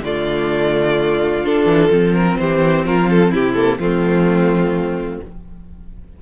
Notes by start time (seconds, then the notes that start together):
0.00 D3 A3 F4 D5
1.45 D4 A4
1.65 E3
1.90 F3 C4
2.14 A#4
2.38 E3 G4 C5
2.85 F3 F4 A#4
3.10 A4
3.31 C3 E4 G4
3.54 A#3 A4
3.78 F3 A3 C4 F4